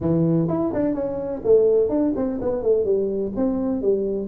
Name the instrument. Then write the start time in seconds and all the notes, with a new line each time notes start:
tuba
0.00 E3
0.48 E4
0.73 D4
0.94 C#4
1.44 A3
1.89 D4
2.16 C4
2.41 B3
2.62 A3
2.84 G3
3.36 C4
3.81 G3